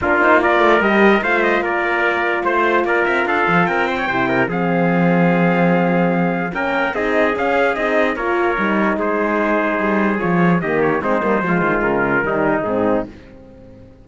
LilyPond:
<<
  \new Staff \with { instrumentName = "trumpet" } { \time 4/4 \tempo 4 = 147 ais'8 c''8 d''4 dis''4 f''8 dis''8 | d''2 c''4 d''8 e''8 | f''4 g''2 f''4~ | f''1 |
g''4 dis''4 f''4 dis''4 | cis''2 c''2~ | c''4 cis''4 dis''8 cis''8 c''4~ | c''4 ais'2 gis'4 | }
  \new Staff \with { instrumentName = "trumpet" } { \time 4/4 f'4 ais'2 c''4 | ais'2 c''4 ais'4 | a'4 ais'8 c''16 cis''16 c''8 ais'8 gis'4~ | gis'1 |
ais'4 gis'2. | ais'2 gis'2~ | gis'2 g'4 dis'4 | f'2 dis'2 | }
  \new Staff \with { instrumentName = "horn" } { \time 4/4 d'8 dis'8 f'4 g'4 f'4~ | f'1~ | f'2 e'4 c'4~ | c'1 |
cis'4 dis'4 cis'4 dis'4 | f'4 dis'2.~ | dis'4 f'4 ais4 c'8 ais8 | gis2 g4 c'4 | }
  \new Staff \with { instrumentName = "cello" } { \time 4/4 ais4. a8 g4 a4 | ais2 a4 ais8 c'8 | d'8 f8 c'4 c4 f4~ | f1 |
ais4 c'4 cis'4 c'4 | ais4 g4 gis2 | g4 f4 dis4 gis8 g8 | f8 dis8 cis4 dis4 gis,4 | }
>>